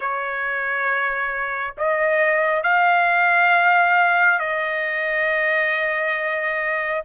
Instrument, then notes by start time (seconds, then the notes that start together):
trumpet
0.00 C#5
1.77 D#5
2.63 F5
4.39 D#5